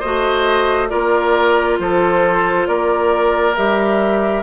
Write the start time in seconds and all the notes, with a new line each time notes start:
0.00 A3 F#4 C5 D#5
0.90 A#3 F4 A#4 D5
1.79 F3 A4 C5
2.67 A#3 A#4 D5
3.56 G3 G4 E5